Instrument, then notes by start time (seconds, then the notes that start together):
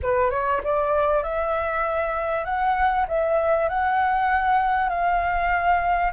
flute
0.02 B4
0.30 C#5
0.63 D5
1.23 E5
2.45 F#5
3.08 E5
3.68 F#5
4.89 F5